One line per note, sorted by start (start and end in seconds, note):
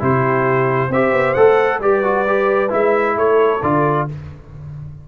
0.00 0.90 C3
0.00 0.90 E4
0.00 0.89 G4
0.00 0.93 C5
0.89 1.12 C4
0.89 1.37 G4
0.89 1.80 C5
0.89 1.34 E5
1.13 1.35 B3
1.34 1.80 A3
1.34 1.82 A4
1.34 1.79 F#5
1.80 2.70 G3
1.80 2.04 G4
1.80 3.17 B4
1.80 2.72 D5
2.04 2.26 F#4
2.28 2.69 G4
2.69 3.17 G#3
2.69 3.60 E4
2.69 3.18 E5
3.17 3.62 A3
3.17 4.07 A4
3.17 3.63 C#5
3.63 4.08 D3
3.63 4.09 F4
3.63 4.08 D5